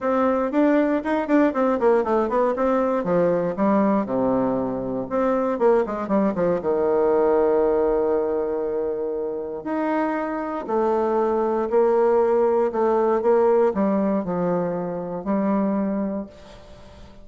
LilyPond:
\new Staff \with { instrumentName = "bassoon" } { \time 4/4 \tempo 4 = 118 c'4 d'4 dis'8 d'8 c'8 ais8 | a8 b8 c'4 f4 g4 | c2 c'4 ais8 gis8 | g8 f8 dis2.~ |
dis2. dis'4~ | dis'4 a2 ais4~ | ais4 a4 ais4 g4 | f2 g2 | }